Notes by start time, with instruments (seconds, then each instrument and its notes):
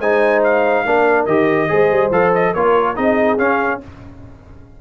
0.00 tuba G#3, trombone D#4, horn C5, trumpet G#5
0.44 trumpet F5
0.86 tuba A#3, trombone D4, horn A#4
1.26 tuba D#3, trombone G4, trumpet D#5
1.69 tuba G#3, trombone G#4, horn C5
1.92 tuba G3
2.11 tuba F3, trombone A4, trumpet F5
2.35 trumpet D#5
2.53 tuba A#3, trombone F4, horn A#4, trumpet C#5
2.95 tuba C4, trombone D#4, horn G#4, trumpet D#5
3.38 trombone C#4, tuba C#4, trumpet F5